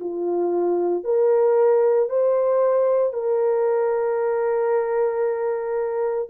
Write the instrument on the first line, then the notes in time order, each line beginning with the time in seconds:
horn
0.00 F4
1.03 A#4
2.09 C5
3.13 A#4